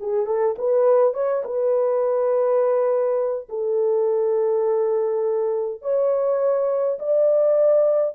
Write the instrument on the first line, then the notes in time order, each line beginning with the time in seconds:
horn
0.00 G#4
0.26 A4
0.58 B4
1.14 C#5
1.44 B4
3.49 A4
5.82 C#5
6.99 D5